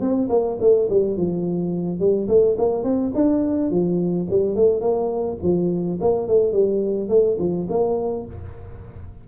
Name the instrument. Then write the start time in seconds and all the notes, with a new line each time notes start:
tuba
0.00 C4
0.29 A#3
0.60 A3
0.89 G3
1.17 F3
1.99 G3
2.28 A3
2.58 A#3
2.84 C4
3.14 D4
3.70 F3
4.30 G3
4.55 A3
4.81 A#3
5.42 F3
6.01 A#3
6.28 A3
6.52 G3
7.09 A3
7.39 F3
7.69 A#3